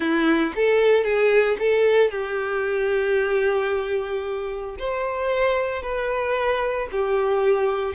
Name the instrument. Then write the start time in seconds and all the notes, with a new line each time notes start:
violin
0.00 E4
0.55 A4
1.04 G#4
1.59 A4
2.10 G4
4.78 C5
5.82 B4
6.91 G4